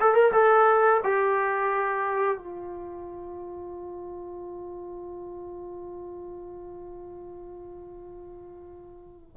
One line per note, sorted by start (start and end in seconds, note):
0.00 0.14 A4
0.14 0.31 A#4
0.32 1.00 A4
1.03 2.37 G4
2.37 9.36 F4